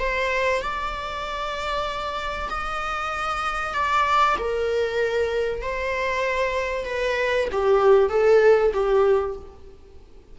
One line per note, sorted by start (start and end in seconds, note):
0.00 0.62 C5
0.62 2.49 D5
2.50 3.74 D#5
3.74 4.37 D5
4.39 5.62 A#4
5.62 6.86 C5
6.86 7.49 B4
7.52 8.10 G4
8.10 8.72 A4
8.74 9.36 G4